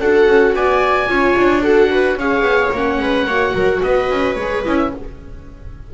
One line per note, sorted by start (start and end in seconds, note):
0.00 0.27 D4
0.00 1.07 F#4
0.00 0.55 A4
0.00 0.55 F#5
0.27 0.53 C#4
0.53 1.08 B3
0.53 1.09 D5
0.53 1.64 G#5
1.07 1.36 C#4
1.07 1.62 F4
1.07 1.62 C#5
1.36 2.16 D4
1.62 2.18 F#4
1.62 1.90 A4
1.62 2.18 F#5
1.91 2.18 B4
2.16 2.42 C#4
2.16 2.74 G#4
2.16 3.01 C#5
2.16 2.73 F5
2.42 2.69 B3
2.72 2.99 A#3
2.72 3.29 C#4
2.72 3.83 F#5
2.99 3.26 G#3
2.99 3.26 B4
3.26 3.54 A#3
3.26 4.39 F#4
3.26 3.54 C#5
3.54 3.81 F#3
3.54 3.81 A#4
3.83 4.10 B3
3.83 4.93 B4
3.83 4.35 D#5
4.10 4.36 C#4
4.35 4.63 G#3
4.35 4.65 G#4
4.35 4.62 C#5
4.65 4.94 C#4
4.65 4.92 E4
4.65 4.77 D#5
4.77 4.90 E5